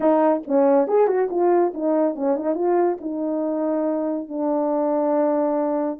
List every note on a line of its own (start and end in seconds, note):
0.00 0.42 D#4
0.47 0.87 C#4
0.87 1.07 G#4
1.07 1.28 F#4
1.30 1.73 F4
1.74 2.15 D#4
2.15 2.36 C#4
2.36 2.54 D#4
2.54 2.97 F4
3.00 4.28 D#4
4.28 5.99 D4